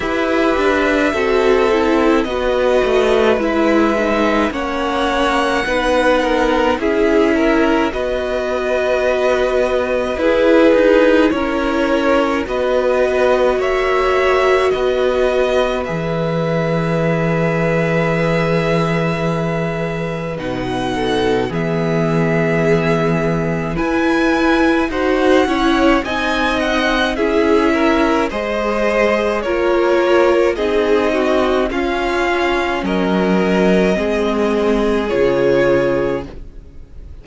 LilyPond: <<
  \new Staff \with { instrumentName = "violin" } { \time 4/4 \tempo 4 = 53 e''2 dis''4 e''4 | fis''2 e''4 dis''4~ | dis''4 b'4 cis''4 dis''4 | e''4 dis''4 e''2~ |
e''2 fis''4 e''4~ | e''4 gis''4 fis''4 gis''8 fis''8 | e''4 dis''4 cis''4 dis''4 | f''4 dis''2 cis''4 | }
  \new Staff \with { instrumentName = "violin" } { \time 4/4 b'4 a'4 b'2 | cis''4 b'8 ais'8 gis'8 ais'8 b'4~ | b'4 gis'4 ais'4 b'4 | cis''4 b'2.~ |
b'2~ b'8 a'8 gis'4~ | gis'4 b'4 c''8 cis''8 dis''4 | gis'8 ais'8 c''4 ais'4 gis'8 fis'8 | f'4 ais'4 gis'2 | }
  \new Staff \with { instrumentName = "viola" } { \time 4/4 g'4 fis'8 e'8 fis'4 e'8 dis'8 | cis'4 dis'4 e'4 fis'4~ | fis'4 e'2 fis'4~ | fis'2 gis'2~ |
gis'2 dis'4 b4~ | b4 e'4 fis'8 e'8 dis'4 | e'4 gis'4 f'4 dis'4 | cis'2 c'4 f'4 | }
  \new Staff \with { instrumentName = "cello" } { \time 4/4 e'8 d'8 c'4 b8 a8 gis4 | ais4 b4 cis'4 b4~ | b4 e'8 dis'8 cis'4 b4 | ais4 b4 e2~ |
e2 b,4 e4~ | e4 e'4 dis'8 cis'8 c'4 | cis'4 gis4 ais4 c'4 | cis'4 fis4 gis4 cis4 | }
>>